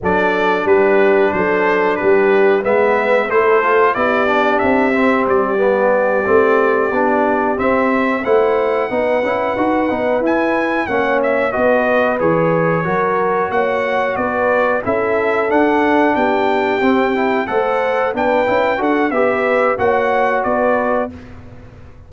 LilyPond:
<<
  \new Staff \with { instrumentName = "trumpet" } { \time 4/4 \tempo 4 = 91 d''4 b'4 c''4 b'4 | e''4 c''4 d''4 e''4 | d''2.~ d''8 e''8~ | e''8 fis''2. gis''8~ |
gis''8 fis''8 e''8 dis''4 cis''4.~ | cis''8 fis''4 d''4 e''4 fis''8~ | fis''8 g''2 fis''4 g''8~ | g''8 fis''8 e''4 fis''4 d''4 | }
  \new Staff \with { instrumentName = "horn" } { \time 4/4 a'4 g'4 a'4 g'4 | b'4 a'4 g'2~ | g'1~ | g'8 c''4 b'2~ b'8~ |
b'8 cis''4 b'2 ais'8~ | ais'8 cis''4 b'4 a'4.~ | a'8 g'2 c''4 b'8~ | b'8 a'8 b'4 cis''4 b'4 | }
  \new Staff \with { instrumentName = "trombone" } { \time 4/4 d'1 | b4 e'8 f'8 e'8 d'4 c'8~ | c'8 b4 c'4 d'4 c'8~ | c'8 e'4 dis'8 e'8 fis'8 dis'8 e'8~ |
e'8 cis'4 fis'4 gis'4 fis'8~ | fis'2~ fis'8 e'4 d'8~ | d'4. c'8 e'8 a'4 d'8 | e'8 fis'8 g'4 fis'2 | }
  \new Staff \with { instrumentName = "tuba" } { \time 4/4 fis4 g4 fis4 g4 | gis4 a4 b4 c'4 | g4. a4 b4 c'8~ | c'8 a4 b8 cis'8 dis'8 b8 e'8~ |
e'8 ais4 b4 e4 fis8~ | fis8 ais4 b4 cis'4 d'8~ | d'8 b4 c'4 a4 b8 | cis'8 d'8 b4 ais4 b4 | }
>>